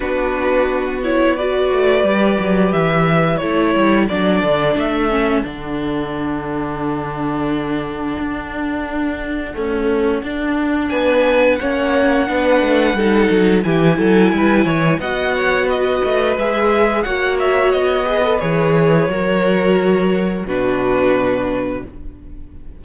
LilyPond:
<<
  \new Staff \with { instrumentName = "violin" } { \time 4/4 \tempo 4 = 88 b'4. cis''8 d''2 | e''4 cis''4 d''4 e''4 | fis''1~ | fis''1 |
gis''4 fis''2. | gis''2 fis''4 dis''4 | e''4 fis''8 e''8 dis''4 cis''4~ | cis''2 b'2 | }
  \new Staff \with { instrumentName = "violin" } { \time 4/4 fis'2 b'2~ | b'4 a'2.~ | a'1~ | a'1 |
b'4 cis''4 b'4 a'4 | g'8 a'8 b'8 cis''8 dis''8 cis''8 b'4~ | b'4 cis''4. b'4. | ais'2 fis'2 | }
  \new Staff \with { instrumentName = "viola" } { \time 4/4 d'4. e'8 fis'4 g'4~ | g'4 e'4 d'4. cis'8 | d'1~ | d'2 a4 d'4~ |
d'4 cis'4 d'4 dis'4 | e'2 fis'2 | gis'4 fis'4. gis'16 a'16 gis'4 | fis'2 d'2 | }
  \new Staff \with { instrumentName = "cello" } { \time 4/4 b2~ b8 a8 g8 fis8 | e4 a8 g8 fis8 d8 a4 | d1 | d'2 cis'4 d'4 |
b4 ais4 b8 a8 g8 fis8 | e8 fis8 g8 e8 b4. a8 | gis4 ais4 b4 e4 | fis2 b,2 | }
>>